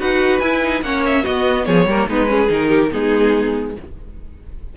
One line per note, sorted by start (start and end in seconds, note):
0.00 0.41 D#4
0.00 0.42 F#4
0.00 0.84 B4
0.00 0.40 F#5
0.40 0.82 E4
0.40 0.62 E4
0.40 0.81 G#5
0.62 0.83 D#4
0.82 1.24 A#3
0.82 1.24 C#4
0.82 1.23 C#5
0.82 1.04 F#5
1.06 1.25 E5
1.23 1.86 B3
1.23 1.67 B3
1.23 1.65 F#4
1.23 1.65 D#5
1.65 1.86 F3
1.65 1.87 G#4
1.65 2.07 C#5
1.86 2.06 G3
1.86 2.10 A#3
1.86 2.09 A#4
2.07 2.49 G#3
2.07 2.27 B3
2.07 2.30 D#4
2.07 2.52 B4
2.27 2.48 C#4
2.27 2.68 G#4
2.48 2.91 D#3
2.48 2.90 D#4
2.48 2.93 A#4
2.68 2.89 G4
2.91 3.77 G#3
2.91 3.74 B3
2.91 3.76 D#4
2.91 3.76 G#4